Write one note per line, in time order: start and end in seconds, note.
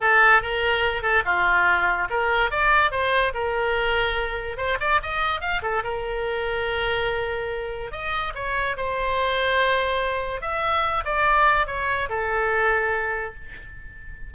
0.01 0.42 A4
0.42 1.02 A#4
1.02 1.23 A4
1.25 2.08 F4
2.09 2.51 A#4
2.51 2.91 D5
2.91 3.32 C5
3.34 4.57 A#4
4.57 4.78 C5
4.79 5.00 D5
5.02 5.41 D#5
5.41 5.61 F5
5.62 5.83 A4
5.83 7.91 A#4
7.91 8.33 D#5
8.34 8.76 C#5
8.76 10.41 C5
10.41 11.03 E5
11.04 11.67 D5
11.67 12.08 C#5
12.09 13.34 A4